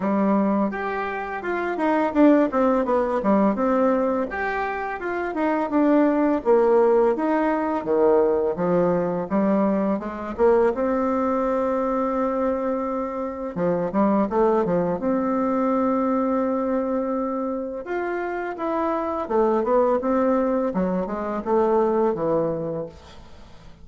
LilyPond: \new Staff \with { instrumentName = "bassoon" } { \time 4/4 \tempo 4 = 84 g4 g'4 f'8 dis'8 d'8 c'8 | b8 g8 c'4 g'4 f'8 dis'8 | d'4 ais4 dis'4 dis4 | f4 g4 gis8 ais8 c'4~ |
c'2. f8 g8 | a8 f8 c'2.~ | c'4 f'4 e'4 a8 b8 | c'4 fis8 gis8 a4 e4 | }